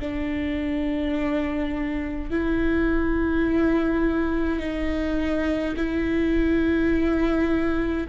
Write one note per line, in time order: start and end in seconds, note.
0.00 2.30 D4
2.30 4.59 E4
4.59 5.75 D#4
5.76 8.07 E4